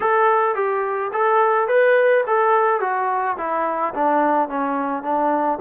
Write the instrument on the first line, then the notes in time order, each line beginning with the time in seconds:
trombone
0.00 A4
0.55 G4
1.12 A4
1.67 B4
2.26 A4
2.80 F#4
3.37 E4
3.94 D4
4.48 C#4
5.02 D4